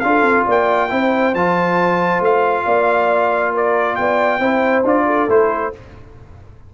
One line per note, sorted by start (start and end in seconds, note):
0.00 0.22 D4
0.00 0.89 F4
0.00 0.44 F5
0.07 0.46 A4
0.22 0.44 C4
0.46 0.92 A#3
0.46 0.90 D5
0.46 1.35 G5
0.89 1.34 C4
0.89 1.33 E4
0.89 2.66 C5
1.34 2.20 F3
1.34 4.40 F4
1.34 2.22 A5
2.20 2.64 A3
2.20 3.56 F5
2.66 3.97 A#3
2.66 3.53 D5
3.53 3.97 A#4
3.53 3.96 D5
3.96 4.39 B3
3.96 4.40 D5
3.96 4.83 G5
4.39 4.83 C4
4.39 4.84 E4
4.39 5.05 C5
4.84 5.28 D4
4.84 5.29 F4
4.84 5.30 D5
5.06 5.72 A4
5.28 5.72 A3
5.28 5.72 E4
5.28 5.74 C5